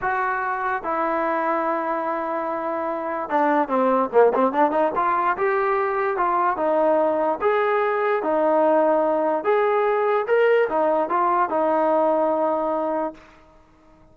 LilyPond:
\new Staff \with { instrumentName = "trombone" } { \time 4/4 \tempo 4 = 146 fis'2 e'2~ | e'1 | d'4 c'4 ais8 c'8 d'8 dis'8 | f'4 g'2 f'4 |
dis'2 gis'2 | dis'2. gis'4~ | gis'4 ais'4 dis'4 f'4 | dis'1 | }